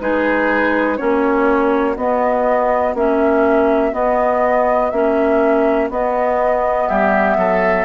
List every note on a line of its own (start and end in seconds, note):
0.00 0.99 G#3
0.00 0.97 D#4
0.00 0.97 G#4
0.00 0.97 B4
0.97 1.97 A#3
0.97 1.95 C#4
0.97 6.87 F#4
0.97 1.95 C#5
1.96 2.94 B3
1.96 2.96 B3
1.96 2.95 D#5
2.94 3.92 A#3
2.94 3.92 C#4
2.94 3.94 E5
3.92 4.90 B3
3.92 4.92 B3
3.92 4.90 D#5
4.90 5.90 A#3
4.90 5.91 C#4
4.90 5.88 E5
5.90 6.88 B3
5.90 7.85 B3
5.90 6.88 D#5
6.88 7.37 G3
6.88 7.37 G4
6.88 7.85 E5
7.37 7.85 F#3
7.37 7.85 A4